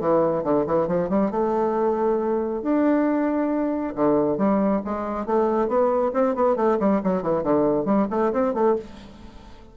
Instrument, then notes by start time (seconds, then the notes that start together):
bassoon
0.00 E3
0.44 D3
0.66 E3
0.88 F3
1.09 G3
1.31 A3
2.63 D4
3.95 D3
4.38 G3
4.85 G#3
5.26 A3
5.68 B3
6.14 C4
6.35 B3
6.56 A3
6.79 G3
7.04 F#3
7.22 E3
7.43 D3
7.85 G3
8.11 A3
8.33 C4
8.54 A3